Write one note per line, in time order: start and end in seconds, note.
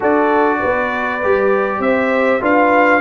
0.00 0.62 D4
0.00 1.21 F#4
0.00 0.58 A4
0.00 1.81 D5
0.59 1.23 B3
0.59 1.80 B4
1.23 1.79 G3
1.23 2.40 G4
1.79 2.39 C4
1.79 2.41 C5
1.79 2.41 E5
2.40 3.00 D4
2.40 3.00 F4
2.40 3.00 B4
2.40 3.00 F5